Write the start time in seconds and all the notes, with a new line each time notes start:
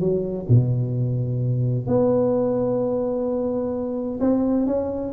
0.00 F#3
0.49 B2
1.87 B3
4.20 C4
4.67 C#4